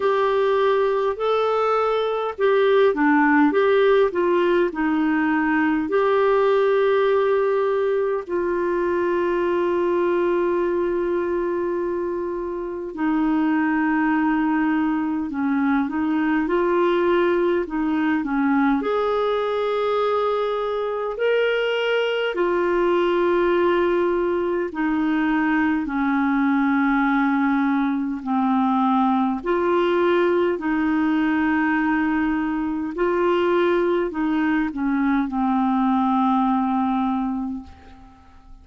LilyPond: \new Staff \with { instrumentName = "clarinet" } { \time 4/4 \tempo 4 = 51 g'4 a'4 g'8 d'8 g'8 f'8 | dis'4 g'2 f'4~ | f'2. dis'4~ | dis'4 cis'8 dis'8 f'4 dis'8 cis'8 |
gis'2 ais'4 f'4~ | f'4 dis'4 cis'2 | c'4 f'4 dis'2 | f'4 dis'8 cis'8 c'2 | }